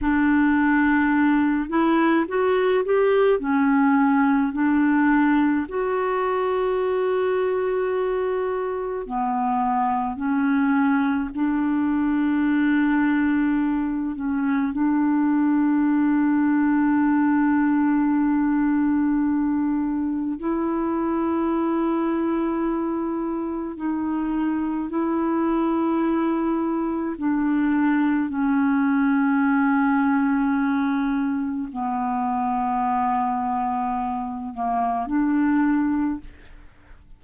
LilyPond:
\new Staff \with { instrumentName = "clarinet" } { \time 4/4 \tempo 4 = 53 d'4. e'8 fis'8 g'8 cis'4 | d'4 fis'2. | b4 cis'4 d'2~ | d'8 cis'8 d'2.~ |
d'2 e'2~ | e'4 dis'4 e'2 | d'4 cis'2. | b2~ b8 ais8 d'4 | }